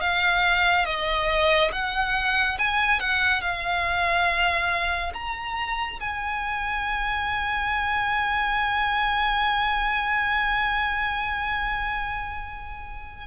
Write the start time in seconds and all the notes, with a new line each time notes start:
0.00 F5
0.85 D#5
1.72 F#5
2.58 G#5
3.00 F#5
3.41 F5
5.14 A#5
6.00 G#5